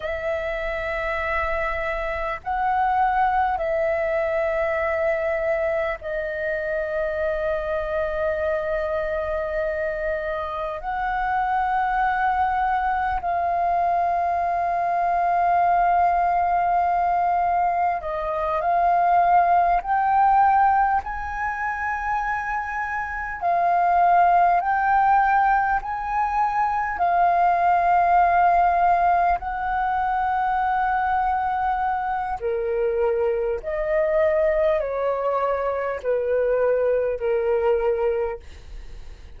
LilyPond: \new Staff \with { instrumentName = "flute" } { \time 4/4 \tempo 4 = 50 e''2 fis''4 e''4~ | e''4 dis''2.~ | dis''4 fis''2 f''4~ | f''2. dis''8 f''8~ |
f''8 g''4 gis''2 f''8~ | f''8 g''4 gis''4 f''4.~ | f''8 fis''2~ fis''8 ais'4 | dis''4 cis''4 b'4 ais'4 | }